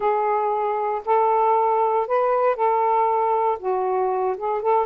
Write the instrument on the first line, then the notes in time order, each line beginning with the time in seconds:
saxophone
0.00 G#4
1.05 A4
2.07 B4
2.55 A4
3.59 F#4
4.37 G#4
4.61 A4